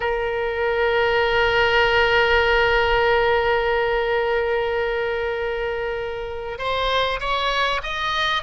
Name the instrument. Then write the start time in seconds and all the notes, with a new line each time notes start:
oboe
0.00 A#4
6.58 C5
7.19 C#5
7.82 D#5